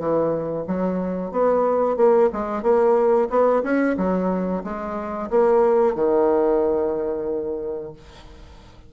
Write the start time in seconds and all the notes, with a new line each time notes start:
0.00 E3
0.67 F#3
1.32 B3
1.97 A#3
2.33 G#3
2.63 A#3
3.30 B3
3.64 C#4
3.98 F#3
4.64 G#3
5.30 A#3
5.96 D#3